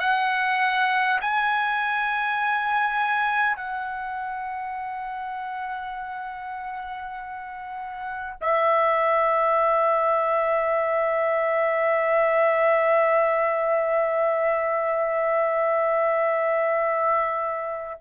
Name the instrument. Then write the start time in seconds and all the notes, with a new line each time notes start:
trumpet
0.00 F#5
1.21 G#5
3.56 F#5
8.41 E5